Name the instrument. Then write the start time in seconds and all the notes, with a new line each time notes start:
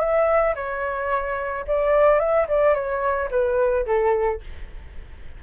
flute
0.00 E5
0.56 C#5
1.68 D5
2.20 E5
2.49 D5
2.75 C#5
3.31 B4
3.86 A4